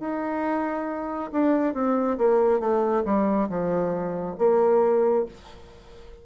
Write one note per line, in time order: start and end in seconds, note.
0.00 1.30 D#4
1.32 1.74 D4
1.74 2.17 C4
2.18 2.60 A#3
2.60 3.03 A3
3.05 3.49 G3
3.49 4.36 F3
4.38 5.25 A#3